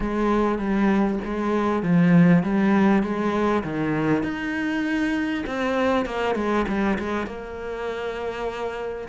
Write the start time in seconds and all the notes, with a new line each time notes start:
0.00 G#3
0.58 G3
1.24 G#3
1.83 F3
2.43 G3
3.02 G#3
3.63 D#3
4.23 D#4
5.46 C4
6.05 A#3
6.35 G#3
6.67 G3
6.98 G#3
7.26 A#3